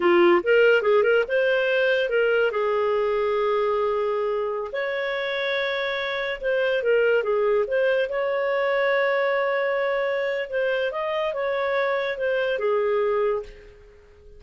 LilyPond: \new Staff \with { instrumentName = "clarinet" } { \time 4/4 \tempo 4 = 143 f'4 ais'4 gis'8 ais'8 c''4~ | c''4 ais'4 gis'2~ | gis'2.~ gis'16 cis''8.~ | cis''2.~ cis''16 c''8.~ |
c''16 ais'4 gis'4 c''4 cis''8.~ | cis''1~ | cis''4 c''4 dis''4 cis''4~ | cis''4 c''4 gis'2 | }